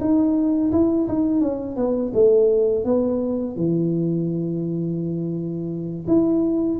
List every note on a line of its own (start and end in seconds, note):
0.00 0.71 D#4
0.72 1.08 E4
1.08 1.41 D#4
1.41 1.76 C#4
1.76 2.12 B3
2.14 2.85 A3
2.85 3.56 B3
3.56 6.06 E3
6.07 6.79 E4